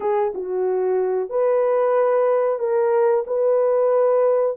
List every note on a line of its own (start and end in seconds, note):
0.00 0.33 G#4
0.34 1.29 F#4
1.29 2.59 B4
2.59 3.24 A#4
3.26 4.57 B4